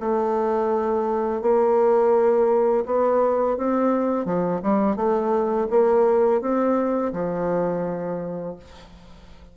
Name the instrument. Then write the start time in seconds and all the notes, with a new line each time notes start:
bassoon
0.00 A3
1.42 A#3
2.86 B3
3.57 C4
4.25 F3
4.63 G3
4.96 A3
5.70 A#3
6.41 C4
7.13 F3